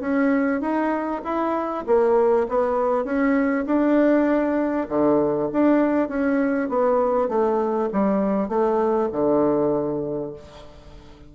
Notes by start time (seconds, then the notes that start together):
0.00 C#4
0.61 D#4
1.24 E4
1.86 A#3
2.48 B3
3.04 C#4
3.66 D4
4.88 D3
5.52 D4
6.08 C#4
6.69 B3
7.28 A3
7.92 G3
8.48 A3
9.12 D3